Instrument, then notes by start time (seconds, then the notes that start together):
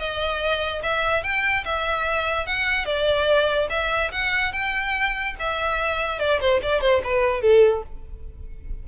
violin
0.00 D#5
0.84 E5
1.24 G5
1.66 E5
2.47 F#5
2.86 D5
3.70 E5
4.12 F#5
4.53 G5
5.40 E5
6.20 D5
6.41 C5
6.63 D5
6.81 C5
7.04 B4
7.42 A4